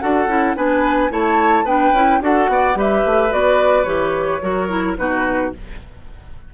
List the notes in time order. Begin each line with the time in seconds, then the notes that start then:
0.00 D4 F#4 A4 F#5
0.26 C#4 E4
0.57 B3 D4 B4 G#5
1.11 A3 E4 C#5 A5
1.64 B3 D4 B4 G5
1.92 C#4 E4
2.21 D4 F#4 A4 F#5
2.48 B3 D5
2.75 G3 G4 B4 E5
3.06 A3
3.31 B3 F#4 D5
3.84 E3 G4 C#5
4.42 F#3 F#4 A#4
4.69 E4
4.98 B2 D#4 F#4 B4